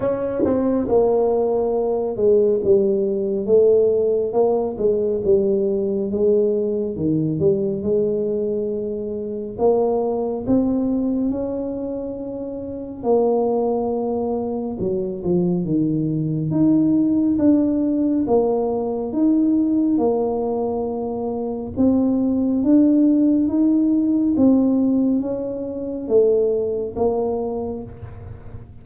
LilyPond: \new Staff \with { instrumentName = "tuba" } { \time 4/4 \tempo 4 = 69 cis'8 c'8 ais4. gis8 g4 | a4 ais8 gis8 g4 gis4 | dis8 g8 gis2 ais4 | c'4 cis'2 ais4~ |
ais4 fis8 f8 dis4 dis'4 | d'4 ais4 dis'4 ais4~ | ais4 c'4 d'4 dis'4 | c'4 cis'4 a4 ais4 | }